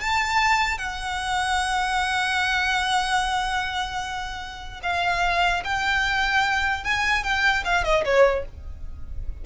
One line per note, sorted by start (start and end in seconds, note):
0.00 0.77 A5
0.77 4.80 F#5
4.82 5.63 F5
5.63 6.83 G5
6.83 7.23 G#5
7.23 7.63 G5
7.64 7.84 F5
7.84 8.04 D#5
8.04 8.45 C#5